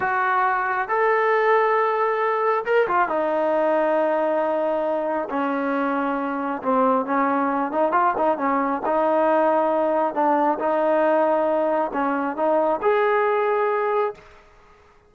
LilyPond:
\new Staff \with { instrumentName = "trombone" } { \time 4/4 \tempo 4 = 136 fis'2 a'2~ | a'2 ais'8 f'8 dis'4~ | dis'1 | cis'2. c'4 |
cis'4. dis'8 f'8 dis'8 cis'4 | dis'2. d'4 | dis'2. cis'4 | dis'4 gis'2. | }